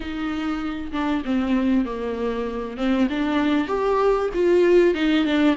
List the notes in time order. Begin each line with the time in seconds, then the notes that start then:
0.00 D#4
0.92 D4
1.25 C4
1.85 A#3
2.77 C4
3.09 D4
3.67 G4
4.34 F4
4.94 D#4
5.24 D4